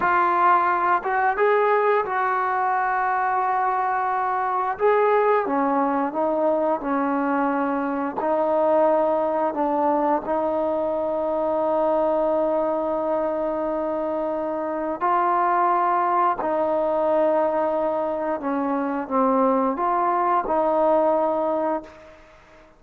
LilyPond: \new Staff \with { instrumentName = "trombone" } { \time 4/4 \tempo 4 = 88 f'4. fis'8 gis'4 fis'4~ | fis'2. gis'4 | cis'4 dis'4 cis'2 | dis'2 d'4 dis'4~ |
dis'1~ | dis'2 f'2 | dis'2. cis'4 | c'4 f'4 dis'2 | }